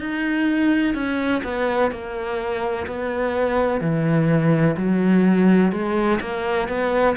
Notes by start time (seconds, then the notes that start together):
0.00 D#4
0.94 C#4
1.43 B3
1.91 A#3
2.87 B3
3.81 E3
4.77 F#3
5.72 G#3
6.20 A#3
6.68 B3